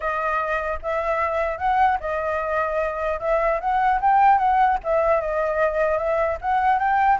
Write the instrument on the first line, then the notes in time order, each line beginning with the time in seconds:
flute
0.00 D#5
0.82 E5
1.57 F#5
2.00 D#5
3.20 E5
3.60 F#5
4.00 G5
4.38 F#5
4.83 E5
5.21 D#5
5.97 E5
6.41 F#5
6.79 G5